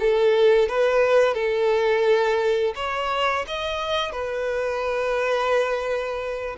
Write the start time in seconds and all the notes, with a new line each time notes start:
0.00 A4
0.69 B4
1.34 A4
2.76 C#5
3.48 D#5
4.12 B4